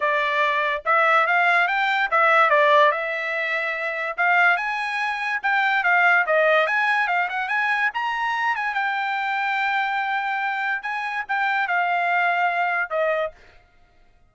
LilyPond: \new Staff \with { instrumentName = "trumpet" } { \time 4/4 \tempo 4 = 144 d''2 e''4 f''4 | g''4 e''4 d''4 e''4~ | e''2 f''4 gis''4~ | gis''4 g''4 f''4 dis''4 |
gis''4 f''8 fis''8 gis''4 ais''4~ | ais''8 gis''8 g''2.~ | g''2 gis''4 g''4 | f''2. dis''4 | }